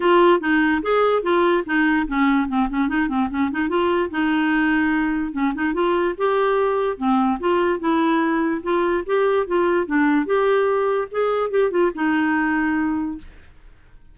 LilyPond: \new Staff \with { instrumentName = "clarinet" } { \time 4/4 \tempo 4 = 146 f'4 dis'4 gis'4 f'4 | dis'4 cis'4 c'8 cis'8 dis'8 c'8 | cis'8 dis'8 f'4 dis'2~ | dis'4 cis'8 dis'8 f'4 g'4~ |
g'4 c'4 f'4 e'4~ | e'4 f'4 g'4 f'4 | d'4 g'2 gis'4 | g'8 f'8 dis'2. | }